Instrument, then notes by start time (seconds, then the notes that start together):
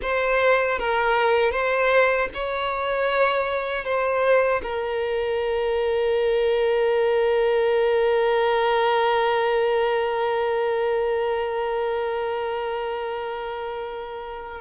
violin
0.02 C5
0.78 A#4
1.51 C5
2.34 C#5
3.85 C5
4.62 A#4